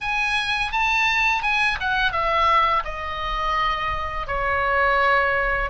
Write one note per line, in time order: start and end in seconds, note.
0.00 0.71 G#5
0.71 1.42 A5
1.42 1.78 G#5
1.80 2.11 F#5
2.11 2.83 E5
2.84 4.27 D#5
4.27 5.69 C#5